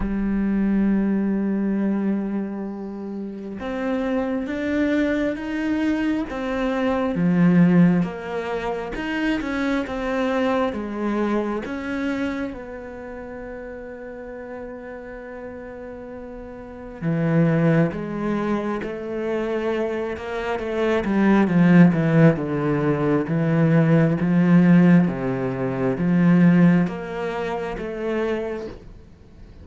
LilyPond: \new Staff \with { instrumentName = "cello" } { \time 4/4 \tempo 4 = 67 g1 | c'4 d'4 dis'4 c'4 | f4 ais4 dis'8 cis'8 c'4 | gis4 cis'4 b2~ |
b2. e4 | gis4 a4. ais8 a8 g8 | f8 e8 d4 e4 f4 | c4 f4 ais4 a4 | }